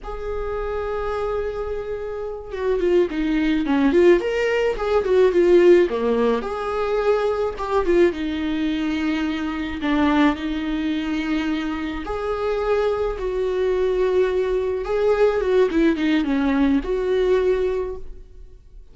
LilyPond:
\new Staff \with { instrumentName = "viola" } { \time 4/4 \tempo 4 = 107 gis'1~ | gis'8 fis'8 f'8 dis'4 cis'8 f'8 ais'8~ | ais'8 gis'8 fis'8 f'4 ais4 gis'8~ | gis'4. g'8 f'8 dis'4.~ |
dis'4. d'4 dis'4.~ | dis'4. gis'2 fis'8~ | fis'2~ fis'8 gis'4 fis'8 | e'8 dis'8 cis'4 fis'2 | }